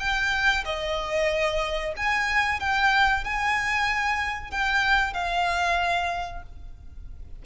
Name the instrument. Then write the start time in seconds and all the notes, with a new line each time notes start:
violin
0.00 G5
0.65 D#5
1.97 G#5
2.60 G5
3.25 G#5
4.51 G5
5.14 F5